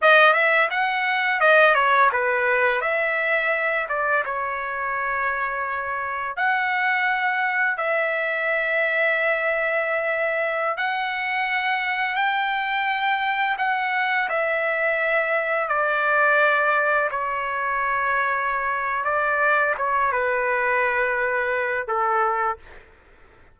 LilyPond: \new Staff \with { instrumentName = "trumpet" } { \time 4/4 \tempo 4 = 85 dis''8 e''8 fis''4 dis''8 cis''8 b'4 | e''4. d''8 cis''2~ | cis''4 fis''2 e''4~ | e''2.~ e''16 fis''8.~ |
fis''4~ fis''16 g''2 fis''8.~ | fis''16 e''2 d''4.~ d''16~ | d''16 cis''2~ cis''8. d''4 | cis''8 b'2~ b'8 a'4 | }